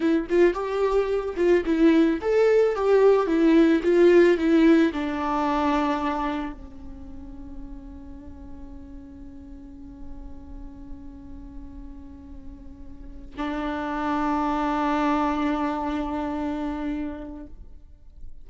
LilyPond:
\new Staff \with { instrumentName = "viola" } { \time 4/4 \tempo 4 = 110 e'8 f'8 g'4. f'8 e'4 | a'4 g'4 e'4 f'4 | e'4 d'2. | cis'1~ |
cis'1~ | cis'1~ | cis'8 d'2.~ d'8~ | d'1 | }